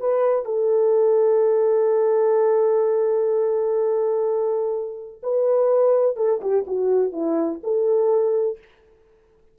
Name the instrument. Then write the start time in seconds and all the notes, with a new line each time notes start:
horn
0.00 B4
0.45 A4
5.23 B4
6.16 A4
6.41 G4
6.67 F#4
7.12 E4
7.63 A4